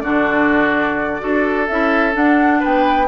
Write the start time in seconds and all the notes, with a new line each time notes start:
0.00 D3 D4 F#4 D5
1.19 D4 F#4 A4
1.67 C#4 E4 E5
2.13 D4 F#5
2.60 B3 B4 G5